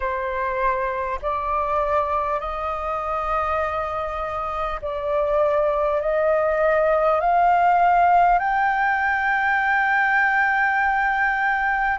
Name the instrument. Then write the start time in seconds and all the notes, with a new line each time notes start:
flute
0.00 C5
1.22 D5
2.39 D#5
4.81 D5
6.01 D#5
7.20 F5
8.38 G5